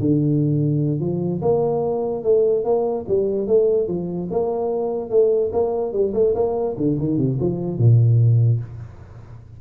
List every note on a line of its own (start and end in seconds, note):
0.00 1.00 D3
1.00 1.41 F3
1.42 2.24 A#3
2.24 2.65 A3
2.65 3.06 A#3
3.08 3.48 G3
3.48 3.88 A3
3.88 4.29 F3
4.31 5.11 A#3
5.11 5.52 A3
5.53 5.93 A#3
5.93 6.14 G3
6.14 6.35 A3
6.35 6.76 A#3
6.78 6.98 D3
6.99 7.18 D#3
7.18 7.39 C3
7.40 7.78 F3
7.78 8.61 A#2